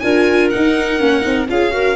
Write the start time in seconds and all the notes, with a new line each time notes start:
0.00 D4 F4 A#4 G#5
0.50 D#4 F#5
1.00 A#3 C#4
1.22 C4 D#4
1.49 C#4 F4 G#4 F5
1.71 F#4 A#4